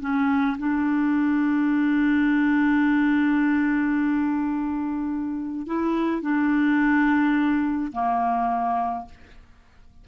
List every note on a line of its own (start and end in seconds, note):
0.00 0.57 C#4
0.58 5.67 D4
5.67 6.22 E4
6.22 7.91 D4
7.92 9.05 A#3